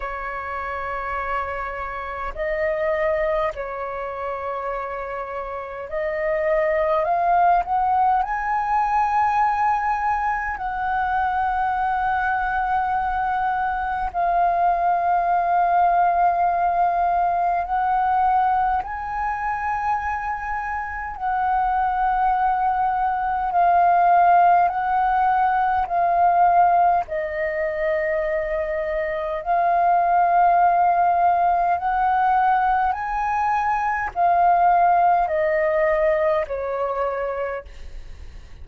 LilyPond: \new Staff \with { instrumentName = "flute" } { \time 4/4 \tempo 4 = 51 cis''2 dis''4 cis''4~ | cis''4 dis''4 f''8 fis''8 gis''4~ | gis''4 fis''2. | f''2. fis''4 |
gis''2 fis''2 | f''4 fis''4 f''4 dis''4~ | dis''4 f''2 fis''4 | gis''4 f''4 dis''4 cis''4 | }